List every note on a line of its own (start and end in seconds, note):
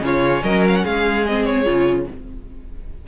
0.00 0.42 C#3
0.00 1.23 C#4
0.00 0.43 F4
0.00 0.43 C#5
0.43 0.84 F#3
0.43 0.83 A#4
0.43 0.64 D#5
0.68 0.76 F5
0.76 0.85 F#5
0.83 1.66 G#3
0.83 2.07 G#4
0.83 1.26 F5
1.26 1.65 C4
1.26 1.45 D#5
1.45 2.06 C#5
1.65 2.07 C#3
1.65 2.06 F4